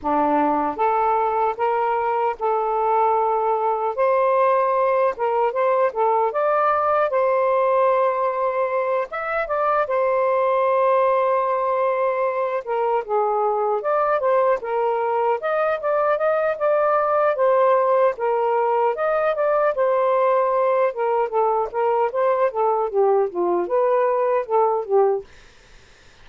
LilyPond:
\new Staff \with { instrumentName = "saxophone" } { \time 4/4 \tempo 4 = 76 d'4 a'4 ais'4 a'4~ | a'4 c''4. ais'8 c''8 a'8 | d''4 c''2~ c''8 e''8 | d''8 c''2.~ c''8 |
ais'8 gis'4 d''8 c''8 ais'4 dis''8 | d''8 dis''8 d''4 c''4 ais'4 | dis''8 d''8 c''4. ais'8 a'8 ais'8 | c''8 a'8 g'8 f'8 b'4 a'8 g'8 | }